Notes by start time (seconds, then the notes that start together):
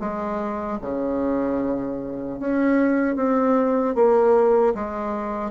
0.00 G#3
0.82 C#3
2.40 C#4
3.16 C4
3.95 A#3
4.75 G#3